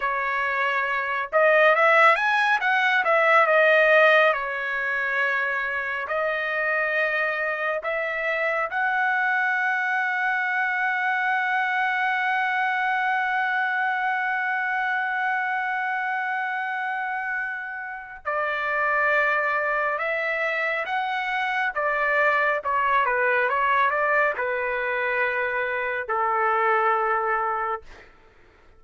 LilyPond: \new Staff \with { instrumentName = "trumpet" } { \time 4/4 \tempo 4 = 69 cis''4. dis''8 e''8 gis''8 fis''8 e''8 | dis''4 cis''2 dis''4~ | dis''4 e''4 fis''2~ | fis''1~ |
fis''1~ | fis''4 d''2 e''4 | fis''4 d''4 cis''8 b'8 cis''8 d''8 | b'2 a'2 | }